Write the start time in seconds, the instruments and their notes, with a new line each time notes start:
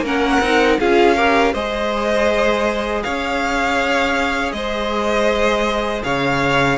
0.00 cello A#3, viola C#4, violin A#4
0.06 violin F#5
0.40 cello C4, viola D#4
0.79 cello C#4, viola F4, violin G#4 F5
1.15 viola G4, violin A#4
1.53 cello G#3, viola G#4, violin C5 D#5
3.03 cello C#4, violin C#5 F5
4.52 cello G#3, violin C5 D#5
6.03 cello C#3, violin C#5 F5